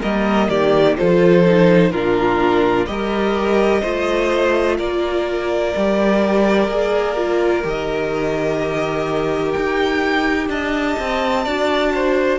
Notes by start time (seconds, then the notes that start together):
0.00 G3 A#3 A#4 D#5
0.50 D#3 G4 D5
0.97 F3 F4 A4 C5
1.47 D#4
1.92 A#2 D4 F4 A#4
2.86 G3 G4 A#4 D#5
3.82 A3 F4 C5
4.78 A#3 A#4 D5
5.76 G3 G4
6.69 A#3 G#4
7.18 F4
7.64 D#3 G4 D#5
9.53 D#4 G5
10.49 D4 D#5 A5
11.00 C4
11.45 D4 F#4 D5
11.95 C5